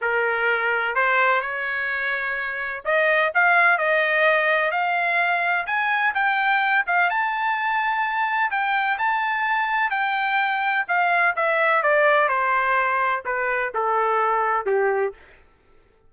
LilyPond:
\new Staff \with { instrumentName = "trumpet" } { \time 4/4 \tempo 4 = 127 ais'2 c''4 cis''4~ | cis''2 dis''4 f''4 | dis''2 f''2 | gis''4 g''4. f''8 a''4~ |
a''2 g''4 a''4~ | a''4 g''2 f''4 | e''4 d''4 c''2 | b'4 a'2 g'4 | }